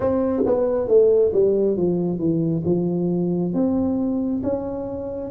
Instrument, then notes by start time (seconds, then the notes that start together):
tuba
0.00 C4
0.45 B3
0.87 A3
1.33 G3
1.76 F3
2.18 E3
2.65 F3
3.53 C4
4.43 C#4